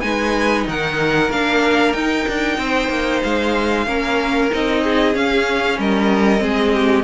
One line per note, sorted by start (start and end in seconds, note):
0.00 0.66 G#3
0.00 1.29 D#4
0.00 0.67 B4
0.00 0.64 G#5
0.67 1.30 D#3
0.67 2.58 A#4
0.67 1.31 F#5
1.30 1.93 A#3
1.30 1.95 D4
1.30 1.92 F5
1.92 2.25 D#4
1.92 3.86 D#4
1.92 3.20 G5
2.28 2.58 D4
2.58 2.89 C4
2.58 3.86 C5
2.89 3.21 A#3
3.23 3.87 G#3
3.23 4.51 F5
3.86 4.50 A#3
3.86 4.50 C#4
3.86 4.82 A#4
4.50 5.15 C4
4.50 5.14 D#4
4.50 5.15 D#5
4.83 5.79 G#4
5.14 6.38 C#4
5.14 5.79 C#4
5.14 5.79 F5
5.79 6.41 G3
5.79 6.42 A#4
5.79 7.04 D#5
6.38 7.04 G#3
6.38 7.02 C4
6.38 6.73 G#4
6.73 7.04 G4